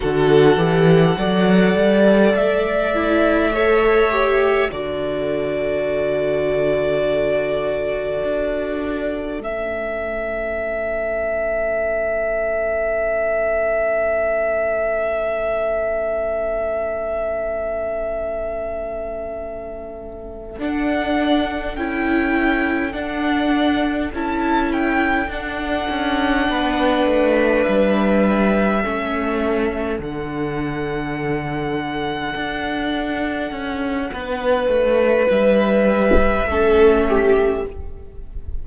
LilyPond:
<<
  \new Staff \with { instrumentName = "violin" } { \time 4/4 \tempo 4 = 51 fis''2 e''2 | d''1 | e''1~ | e''1~ |
e''4. fis''4 g''4 fis''8~ | fis''8 a''8 g''8 fis''2 e''8~ | e''4. fis''2~ fis''8~ | fis''2 e''2 | }
  \new Staff \with { instrumentName = "violin" } { \time 4/4 a'4 d''2 cis''4 | a'1~ | a'1~ | a'1~ |
a'1~ | a'2~ a'8 b'4.~ | b'8 a'2.~ a'8~ | a'4 b'2 a'8 g'8 | }
  \new Staff \with { instrumentName = "viola" } { \time 4/4 fis'8 g'8 a'4. e'8 a'8 g'8 | fis'1 | cis'1~ | cis'1~ |
cis'4. d'4 e'4 d'8~ | d'8 e'4 d'2~ d'8~ | d'8 cis'4 d'2~ d'8~ | d'2. cis'4 | }
  \new Staff \with { instrumentName = "cello" } { \time 4/4 d8 e8 fis8 g8 a2 | d2. d'4 | a1~ | a1~ |
a4. d'4 cis'4 d'8~ | d'8 cis'4 d'8 cis'8 b8 a8 g8~ | g8 a4 d2 d'8~ | d'8 cis'8 b8 a8 g4 a4 | }
>>